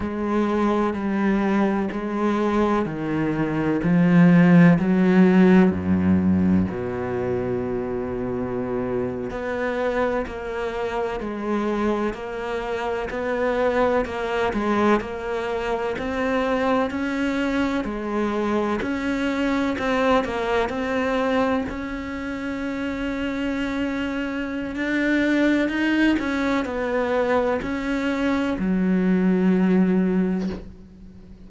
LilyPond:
\new Staff \with { instrumentName = "cello" } { \time 4/4 \tempo 4 = 63 gis4 g4 gis4 dis4 | f4 fis4 fis,4 b,4~ | b,4.~ b,16 b4 ais4 gis16~ | gis8. ais4 b4 ais8 gis8 ais16~ |
ais8. c'4 cis'4 gis4 cis'16~ | cis'8. c'8 ais8 c'4 cis'4~ cis'16~ | cis'2 d'4 dis'8 cis'8 | b4 cis'4 fis2 | }